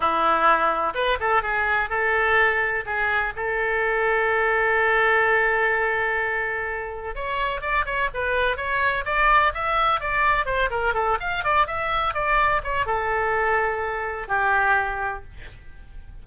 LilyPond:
\new Staff \with { instrumentName = "oboe" } { \time 4/4 \tempo 4 = 126 e'2 b'8 a'8 gis'4 | a'2 gis'4 a'4~ | a'1~ | a'2. cis''4 |
d''8 cis''8 b'4 cis''4 d''4 | e''4 d''4 c''8 ais'8 a'8 f''8 | d''8 e''4 d''4 cis''8 a'4~ | a'2 g'2 | }